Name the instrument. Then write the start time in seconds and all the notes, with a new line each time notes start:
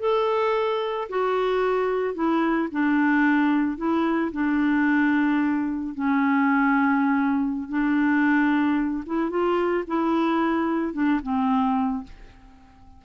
clarinet
0.00 A4
1.10 F#4
2.15 E4
2.72 D4
3.78 E4
4.32 D4
5.95 C#4
7.69 D4
9.07 E4
9.30 F4
9.88 E4
10.94 D4
11.23 C4